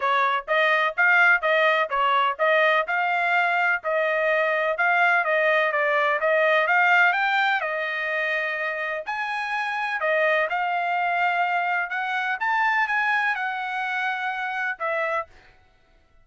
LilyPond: \new Staff \with { instrumentName = "trumpet" } { \time 4/4 \tempo 4 = 126 cis''4 dis''4 f''4 dis''4 | cis''4 dis''4 f''2 | dis''2 f''4 dis''4 | d''4 dis''4 f''4 g''4 |
dis''2. gis''4~ | gis''4 dis''4 f''2~ | f''4 fis''4 a''4 gis''4 | fis''2. e''4 | }